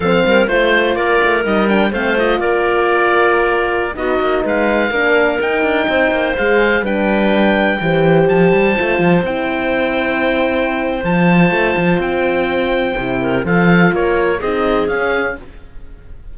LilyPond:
<<
  \new Staff \with { instrumentName = "oboe" } { \time 4/4 \tempo 4 = 125 f''4 c''4 d''4 dis''8 g''8 | f''8 dis''8 d''2.~ | d''16 dis''4 f''2 g''8.~ | g''4~ g''16 f''4 g''4.~ g''16~ |
g''4~ g''16 a''2 g''8.~ | g''2. a''4~ | a''4 g''2. | f''4 cis''4 dis''4 f''4 | }
  \new Staff \with { instrumentName = "clarinet" } { \time 4/4 a'8 ais'8 c''4 ais'2 | c''4 ais'2.~ | ais'16 fis'4 b'4 ais'4.~ ais'16~ | ais'16 c''2 b'4.~ b'16~ |
b'16 c''2.~ c''8.~ | c''1~ | c''2.~ c''8 ais'8 | a'4 ais'4 gis'2 | }
  \new Staff \with { instrumentName = "horn" } { \time 4/4 c'4 f'2 dis'8 d'8 | c'8 f'2.~ f'8~ | f'16 dis'2 d'4 dis'8.~ | dis'4~ dis'16 gis'4 d'4.~ d'16~ |
d'16 g'2 f'4 e'8.~ | e'2. f'4~ | f'2. e'4 | f'2 dis'4 cis'4 | }
  \new Staff \with { instrumentName = "cello" } { \time 4/4 f8 g8 a4 ais8 a8 g4 | a4 ais2.~ | ais16 b8 ais8 gis4 ais4 dis'8 d'16~ | d'16 c'8 ais8 gis4 g4.~ g16~ |
g16 e4 f8 g8 a8 f8 c'8.~ | c'2. f4 | a8 f8 c'2 c4 | f4 ais4 c'4 cis'4 | }
>>